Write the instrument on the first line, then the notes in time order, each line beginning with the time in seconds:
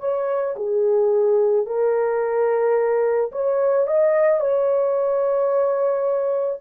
horn
0.00 C#5
0.57 G#4
1.67 A#4
3.32 C#5
3.88 D#5
4.40 C#5